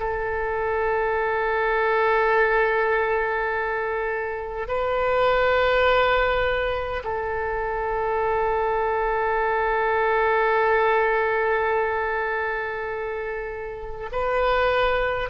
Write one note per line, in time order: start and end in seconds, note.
0.00 4.68 A4
4.68 7.03 B4
7.04 14.10 A4
14.12 15.30 B4